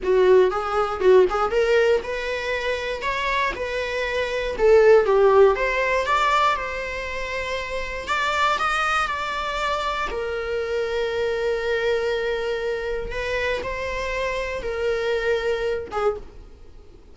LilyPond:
\new Staff \with { instrumentName = "viola" } { \time 4/4 \tempo 4 = 119 fis'4 gis'4 fis'8 gis'8 ais'4 | b'2 cis''4 b'4~ | b'4 a'4 g'4 c''4 | d''4 c''2. |
d''4 dis''4 d''2 | ais'1~ | ais'2 b'4 c''4~ | c''4 ais'2~ ais'8 gis'8 | }